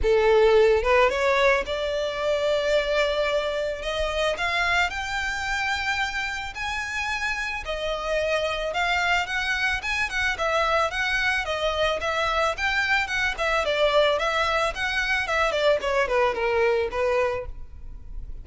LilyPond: \new Staff \with { instrumentName = "violin" } { \time 4/4 \tempo 4 = 110 a'4. b'8 cis''4 d''4~ | d''2. dis''4 | f''4 g''2. | gis''2 dis''2 |
f''4 fis''4 gis''8 fis''8 e''4 | fis''4 dis''4 e''4 g''4 | fis''8 e''8 d''4 e''4 fis''4 | e''8 d''8 cis''8 b'8 ais'4 b'4 | }